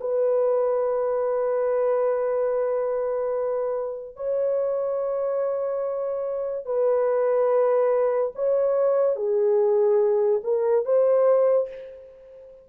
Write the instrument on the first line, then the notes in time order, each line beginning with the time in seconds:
horn
0.00 B4
4.16 C#5
6.65 B4
8.35 C#5
9.16 G#4
10.43 A#4
10.85 C5